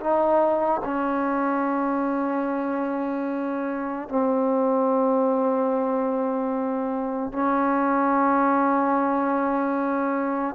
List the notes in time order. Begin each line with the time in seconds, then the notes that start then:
0.00 D#4
0.84 C#4
4.09 C4
7.32 C#4